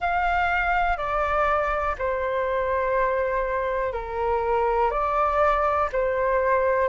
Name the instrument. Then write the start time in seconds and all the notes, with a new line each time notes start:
flute
0.00 F5
0.97 D5
1.98 C5
3.92 A#4
4.90 D5
5.92 C5